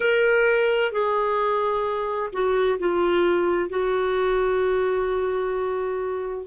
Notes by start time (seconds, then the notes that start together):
0.00 A#4
0.92 G#4
2.32 F#4
2.79 F4
3.69 F#4